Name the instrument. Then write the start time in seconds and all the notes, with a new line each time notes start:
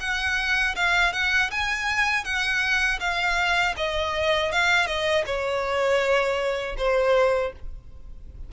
violin
0.00 F#5
0.75 F5
1.13 F#5
1.51 G#5
2.24 F#5
3.00 F5
3.77 D#5
4.52 F5
4.87 D#5
5.26 C#5
6.77 C5